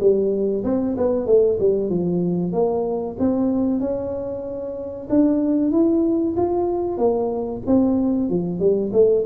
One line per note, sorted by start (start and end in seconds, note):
0.00 0.64 G3
0.64 0.96 C4
0.97 1.27 B3
1.27 1.59 A3
1.60 1.90 G3
1.90 2.53 F3
2.53 3.17 A#3
3.19 3.80 C4
3.80 5.08 C#4
5.10 5.72 D4
5.72 6.35 E4
6.37 6.98 F4
6.98 7.62 A#3
7.67 8.29 C4
8.29 8.60 F3
8.60 8.92 G3
8.93 9.25 A3